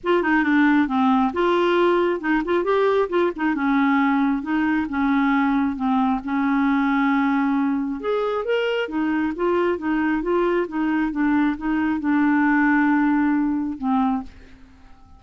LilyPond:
\new Staff \with { instrumentName = "clarinet" } { \time 4/4 \tempo 4 = 135 f'8 dis'8 d'4 c'4 f'4~ | f'4 dis'8 f'8 g'4 f'8 dis'8 | cis'2 dis'4 cis'4~ | cis'4 c'4 cis'2~ |
cis'2 gis'4 ais'4 | dis'4 f'4 dis'4 f'4 | dis'4 d'4 dis'4 d'4~ | d'2. c'4 | }